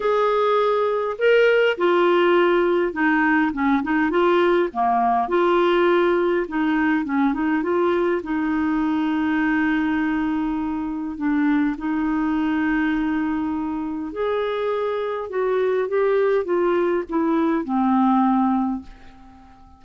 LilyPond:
\new Staff \with { instrumentName = "clarinet" } { \time 4/4 \tempo 4 = 102 gis'2 ais'4 f'4~ | f'4 dis'4 cis'8 dis'8 f'4 | ais4 f'2 dis'4 | cis'8 dis'8 f'4 dis'2~ |
dis'2. d'4 | dis'1 | gis'2 fis'4 g'4 | f'4 e'4 c'2 | }